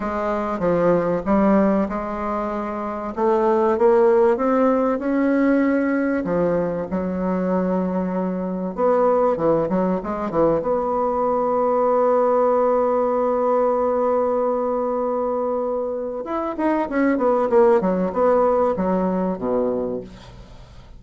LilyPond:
\new Staff \with { instrumentName = "bassoon" } { \time 4/4 \tempo 4 = 96 gis4 f4 g4 gis4~ | gis4 a4 ais4 c'4 | cis'2 f4 fis4~ | fis2 b4 e8 fis8 |
gis8 e8 b2.~ | b1~ | b2 e'8 dis'8 cis'8 b8 | ais8 fis8 b4 fis4 b,4 | }